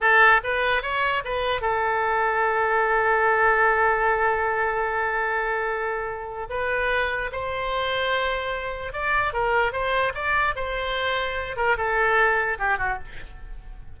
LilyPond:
\new Staff \with { instrumentName = "oboe" } { \time 4/4 \tempo 4 = 148 a'4 b'4 cis''4 b'4 | a'1~ | a'1~ | a'1 |
b'2 c''2~ | c''2 d''4 ais'4 | c''4 d''4 c''2~ | c''8 ais'8 a'2 g'8 fis'8 | }